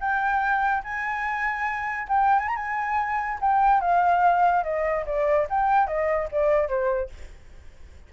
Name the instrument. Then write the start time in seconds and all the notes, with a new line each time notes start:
flute
0.00 G5
0.83 G#5
2.08 G5
2.39 G#5
2.48 A#5
2.56 G#5
3.41 G5
3.81 F5
4.63 D#5
5.06 D5
5.49 G5
5.87 D#5
6.31 D5
6.68 C5